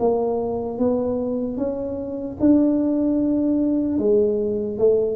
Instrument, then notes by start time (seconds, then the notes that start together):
tuba
0.00 A#3
0.79 B3
1.58 C#4
2.40 D4
3.99 G#3
4.79 A3